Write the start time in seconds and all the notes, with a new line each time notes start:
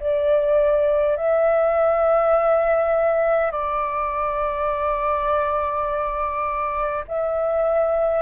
0.00 D5
1.17 E5
3.51 D5
7.08 E5